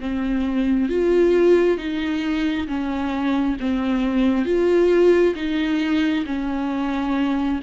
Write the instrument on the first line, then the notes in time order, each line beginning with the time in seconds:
viola
0.00 C4
0.89 F4
1.78 D#4
2.67 C#4
3.60 C4
4.45 F4
5.35 D#4
6.26 C#4